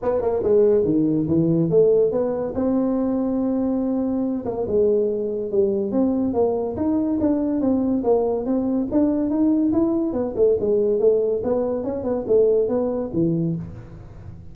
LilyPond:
\new Staff \with { instrumentName = "tuba" } { \time 4/4 \tempo 4 = 142 b8 ais8 gis4 dis4 e4 | a4 b4 c'2~ | c'2~ c'8 ais8 gis4~ | gis4 g4 c'4 ais4 |
dis'4 d'4 c'4 ais4 | c'4 d'4 dis'4 e'4 | b8 a8 gis4 a4 b4 | cis'8 b8 a4 b4 e4 | }